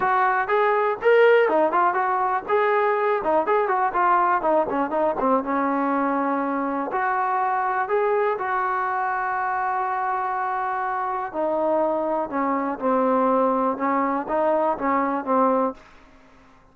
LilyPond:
\new Staff \with { instrumentName = "trombone" } { \time 4/4 \tempo 4 = 122 fis'4 gis'4 ais'4 dis'8 f'8 | fis'4 gis'4. dis'8 gis'8 fis'8 | f'4 dis'8 cis'8 dis'8 c'8 cis'4~ | cis'2 fis'2 |
gis'4 fis'2.~ | fis'2. dis'4~ | dis'4 cis'4 c'2 | cis'4 dis'4 cis'4 c'4 | }